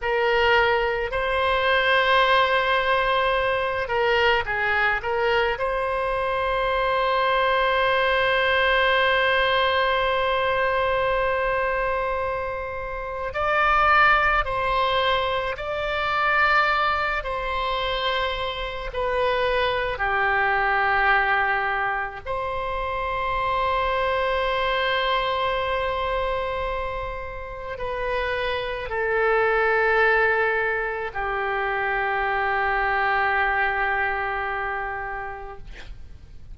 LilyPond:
\new Staff \with { instrumentName = "oboe" } { \time 4/4 \tempo 4 = 54 ais'4 c''2~ c''8 ais'8 | gis'8 ais'8 c''2.~ | c''1 | d''4 c''4 d''4. c''8~ |
c''4 b'4 g'2 | c''1~ | c''4 b'4 a'2 | g'1 | }